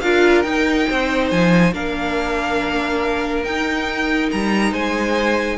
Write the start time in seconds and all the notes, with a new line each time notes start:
0.00 D4 F4 A#4 F5
0.42 D#4 G5
0.88 C4 C5
1.30 F3 G#5
1.72 A#3 D4 A#4 F5
3.43 D#4 G5
4.31 G3 A#5
4.71 G#3 C5 G#5